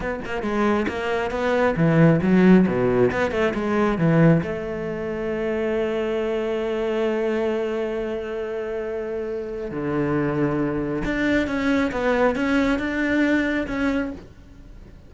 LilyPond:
\new Staff \with { instrumentName = "cello" } { \time 4/4 \tempo 4 = 136 b8 ais8 gis4 ais4 b4 | e4 fis4 b,4 b8 a8 | gis4 e4 a2~ | a1~ |
a1~ | a2 d2~ | d4 d'4 cis'4 b4 | cis'4 d'2 cis'4 | }